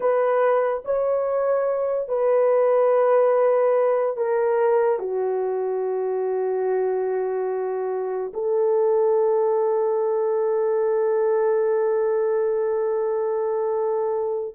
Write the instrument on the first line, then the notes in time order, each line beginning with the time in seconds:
horn
0.00 B4
0.84 C#5
2.08 B4
4.17 A#4
4.98 F#4
8.33 A4